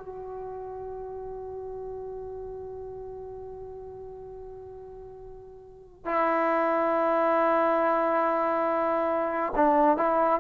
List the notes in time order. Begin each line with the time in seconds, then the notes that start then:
0.00 F#4
6.06 E4
9.56 D4
9.98 E4